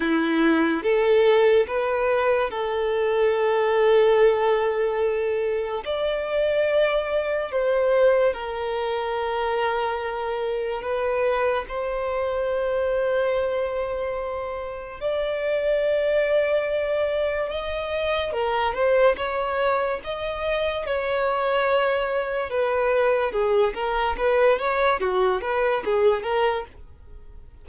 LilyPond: \new Staff \with { instrumentName = "violin" } { \time 4/4 \tempo 4 = 72 e'4 a'4 b'4 a'4~ | a'2. d''4~ | d''4 c''4 ais'2~ | ais'4 b'4 c''2~ |
c''2 d''2~ | d''4 dis''4 ais'8 c''8 cis''4 | dis''4 cis''2 b'4 | gis'8 ais'8 b'8 cis''8 fis'8 b'8 gis'8 ais'8 | }